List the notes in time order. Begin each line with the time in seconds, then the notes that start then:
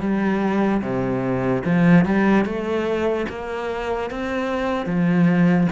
0.00 G3
0.81 C3
1.64 F3
2.05 G3
2.45 A3
3.29 A#3
4.10 C4
4.86 F3